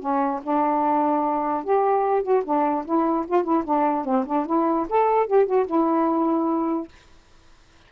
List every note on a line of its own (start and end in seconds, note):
0.00 0.41 C#4
0.43 1.64 D4
1.64 2.23 G4
2.23 2.43 F#4
2.45 2.85 D4
2.85 3.26 E4
3.28 3.44 F4
3.44 3.64 E4
3.65 4.05 D4
4.05 4.26 C4
4.27 4.46 D4
4.46 4.87 E4
4.90 5.27 A4
5.27 5.46 G4
5.46 5.66 F#4
5.67 6.88 E4